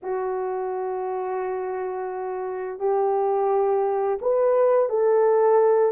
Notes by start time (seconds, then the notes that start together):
0.02 F#4
2.79 G4
4.21 B4
4.89 A4